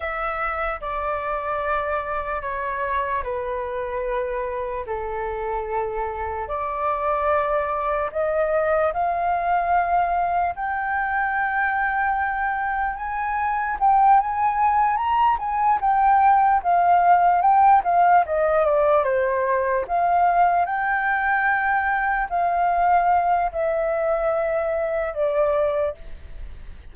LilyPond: \new Staff \with { instrumentName = "flute" } { \time 4/4 \tempo 4 = 74 e''4 d''2 cis''4 | b'2 a'2 | d''2 dis''4 f''4~ | f''4 g''2. |
gis''4 g''8 gis''4 ais''8 gis''8 g''8~ | g''8 f''4 g''8 f''8 dis''8 d''8 c''8~ | c''8 f''4 g''2 f''8~ | f''4 e''2 d''4 | }